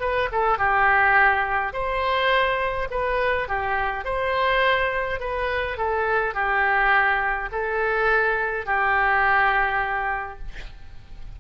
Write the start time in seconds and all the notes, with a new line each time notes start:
0.00 B4
0.31 A4
0.58 G4
1.73 C5
2.91 B4
3.48 G4
4.05 C5
5.20 B4
5.77 A4
6.34 G4
7.52 A4
8.66 G4